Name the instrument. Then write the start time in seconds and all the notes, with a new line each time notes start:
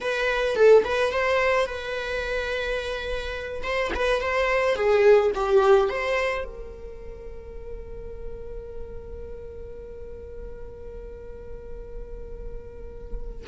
viola
0.01 B4
0.55 A4
0.84 B4
1.12 C5
1.66 B4
3.63 C5
3.95 B4
4.21 C5
4.75 G#4
5.34 G4
5.89 C5
6.44 A#4